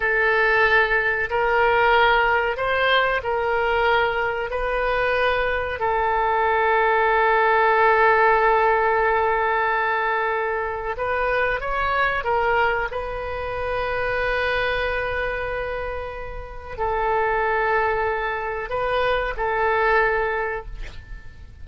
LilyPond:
\new Staff \with { instrumentName = "oboe" } { \time 4/4 \tempo 4 = 93 a'2 ais'2 | c''4 ais'2 b'4~ | b'4 a'2.~ | a'1~ |
a'4 b'4 cis''4 ais'4 | b'1~ | b'2 a'2~ | a'4 b'4 a'2 | }